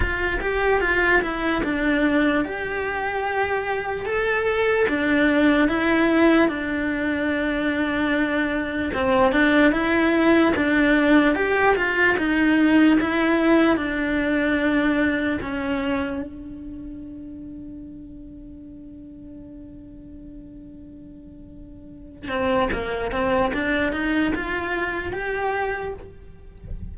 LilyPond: \new Staff \with { instrumentName = "cello" } { \time 4/4 \tempo 4 = 74 f'8 g'8 f'8 e'8 d'4 g'4~ | g'4 a'4 d'4 e'4 | d'2. c'8 d'8 | e'4 d'4 g'8 f'8 dis'4 |
e'4 d'2 cis'4 | d'1~ | d'2.~ d'8 c'8 | ais8 c'8 d'8 dis'8 f'4 g'4 | }